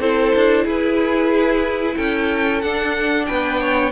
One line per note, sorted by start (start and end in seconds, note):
0.00 0.33 C4
0.00 2.63 E4
0.00 0.64 A4
0.00 0.66 C5
0.36 0.65 D4
0.64 1.96 E4
0.64 1.95 G#4
0.64 1.97 B4
1.96 2.63 C#4
1.96 3.26 A4
1.96 2.61 G5
2.61 3.28 D4
2.61 3.92 D4
2.61 3.26 F#5
3.26 3.92 B3
3.26 3.60 B4
3.26 3.91 G5
3.60 3.92 C#5